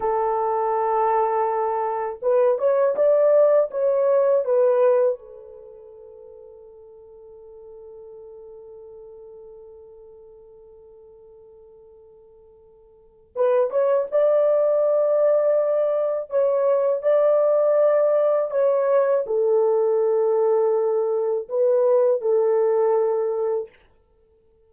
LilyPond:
\new Staff \with { instrumentName = "horn" } { \time 4/4 \tempo 4 = 81 a'2. b'8 cis''8 | d''4 cis''4 b'4 a'4~ | a'1~ | a'1~ |
a'2 b'8 cis''8 d''4~ | d''2 cis''4 d''4~ | d''4 cis''4 a'2~ | a'4 b'4 a'2 | }